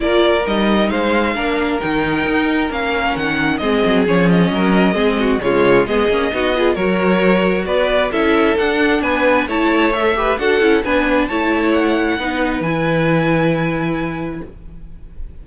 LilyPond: <<
  \new Staff \with { instrumentName = "violin" } { \time 4/4 \tempo 4 = 133 d''4 dis''4 f''2 | g''2 f''4 fis''4 | dis''4 cis''8 dis''2~ dis''8 | cis''4 dis''2 cis''4~ |
cis''4 d''4 e''4 fis''4 | gis''4 a''4 e''4 fis''4 | gis''4 a''4 fis''2 | gis''1 | }
  \new Staff \with { instrumentName = "violin" } { \time 4/4 ais'2 c''4 ais'4~ | ais'1 | gis'2 ais'4 gis'8 fis'8 | f'4 gis'4 fis'8 gis'8 ais'4~ |
ais'4 b'4 a'2 | b'4 cis''4. b'8 a'4 | b'4 cis''2 b'4~ | b'1 | }
  \new Staff \with { instrumentName = "viola" } { \time 4/4 f'4 dis'2 d'4 | dis'2 cis'2 | c'4 cis'2 c'4 | gis4 b8 cis'8 dis'8 f'8 fis'4~ |
fis'2 e'4 d'4~ | d'4 e'4 a'8 g'8 fis'8 e'8 | d'4 e'2 dis'4 | e'1 | }
  \new Staff \with { instrumentName = "cello" } { \time 4/4 ais4 g4 gis4 ais4 | dis4 dis'4 ais4 dis4 | gis8 fis8 f4 fis4 gis4 | cis4 gis8 ais8 b4 fis4~ |
fis4 b4 cis'4 d'4 | b4 a2 d'8 cis'8 | b4 a2 b4 | e1 | }
>>